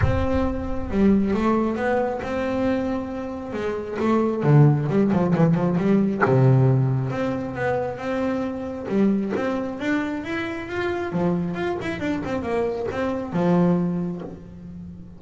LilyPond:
\new Staff \with { instrumentName = "double bass" } { \time 4/4 \tempo 4 = 135 c'2 g4 a4 | b4 c'2. | gis4 a4 d4 g8 f8 | e8 f8 g4 c2 |
c'4 b4 c'2 | g4 c'4 d'4 e'4 | f'4 f4 f'8 e'8 d'8 c'8 | ais4 c'4 f2 | }